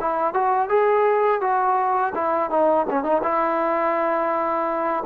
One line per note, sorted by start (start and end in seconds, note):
0.00 0.34 E4
0.34 0.68 F#4
0.68 1.41 G#4
1.41 2.13 F#4
2.14 2.50 E4
2.50 2.86 D#4
2.89 3.03 C#4
3.03 3.21 D#4
3.23 5.03 E4